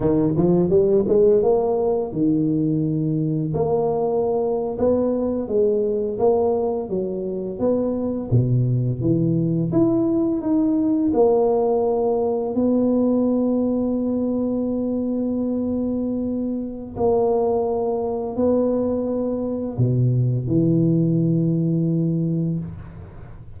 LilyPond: \new Staff \with { instrumentName = "tuba" } { \time 4/4 \tempo 4 = 85 dis8 f8 g8 gis8 ais4 dis4~ | dis4 ais4.~ ais16 b4 gis16~ | gis8. ais4 fis4 b4 b,16~ | b,8. e4 e'4 dis'4 ais16~ |
ais4.~ ais16 b2~ b16~ | b1 | ais2 b2 | b,4 e2. | }